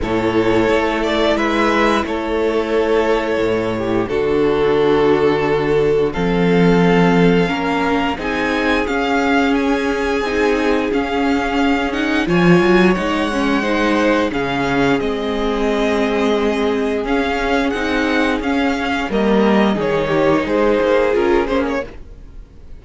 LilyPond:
<<
  \new Staff \with { instrumentName = "violin" } { \time 4/4 \tempo 4 = 88 cis''4. d''8 e''4 cis''4~ | cis''2 a'2~ | a'4 f''2. | gis''4 f''4 gis''2 |
f''4. fis''8 gis''4 fis''4~ | fis''4 f''4 dis''2~ | dis''4 f''4 fis''4 f''4 | dis''4 cis''4 c''4 ais'8 c''16 cis''16 | }
  \new Staff \with { instrumentName = "violin" } { \time 4/4 a'2 b'4 a'4~ | a'4. g'8 fis'2~ | fis'4 a'2 ais'4 | gis'1~ |
gis'2 cis''2 | c''4 gis'2.~ | gis'1 | ais'4 gis'8 g'8 gis'2 | }
  \new Staff \with { instrumentName = "viola" } { \time 4/4 e'1~ | e'2 d'2~ | d'4 c'2 cis'4 | dis'4 cis'2 dis'4 |
cis'4. dis'8 f'4 dis'8 cis'8 | dis'4 cis'4 c'2~ | c'4 cis'4 dis'4 cis'4 | ais4 dis'2 f'8 cis'8 | }
  \new Staff \with { instrumentName = "cello" } { \time 4/4 a,4 a4 gis4 a4~ | a4 a,4 d2~ | d4 f2 ais4 | c'4 cis'2 c'4 |
cis'2 f8 fis8 gis4~ | gis4 cis4 gis2~ | gis4 cis'4 c'4 cis'4 | g4 dis4 gis8 ais8 cis'8 ais8 | }
>>